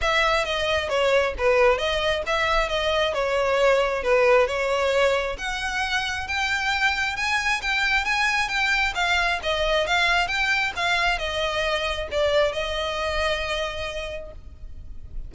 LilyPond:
\new Staff \with { instrumentName = "violin" } { \time 4/4 \tempo 4 = 134 e''4 dis''4 cis''4 b'4 | dis''4 e''4 dis''4 cis''4~ | cis''4 b'4 cis''2 | fis''2 g''2 |
gis''4 g''4 gis''4 g''4 | f''4 dis''4 f''4 g''4 | f''4 dis''2 d''4 | dis''1 | }